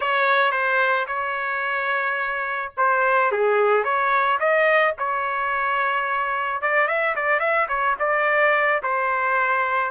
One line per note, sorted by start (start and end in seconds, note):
0.00 0.51 C#5
0.51 1.06 C5
1.07 2.72 C#5
2.77 3.31 C5
3.31 3.84 G#4
3.84 4.39 C#5
4.39 4.94 D#5
4.98 6.61 C#5
6.61 6.87 D5
6.87 7.15 E5
7.15 7.39 D5
7.39 7.67 E5
7.68 7.96 C#5
7.99 8.81 D5
8.82 9.91 C5